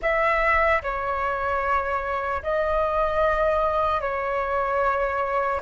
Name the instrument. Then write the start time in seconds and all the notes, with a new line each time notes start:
flute
0.02 E5
0.82 C#5
2.42 D#5
4.00 C#5